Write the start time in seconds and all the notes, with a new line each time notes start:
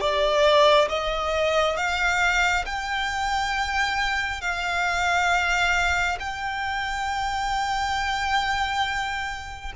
0.00 D5
0.89 D#5
1.76 F5
2.66 G5
4.41 F5
6.20 G5